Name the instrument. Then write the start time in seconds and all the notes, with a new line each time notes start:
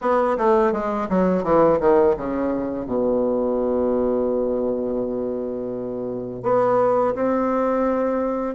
bassoon
0.01 B3
0.37 A3
0.72 G#3
1.09 F#3
1.43 E3
1.80 D#3
2.16 C#3
2.85 B2
6.43 B3
7.15 C4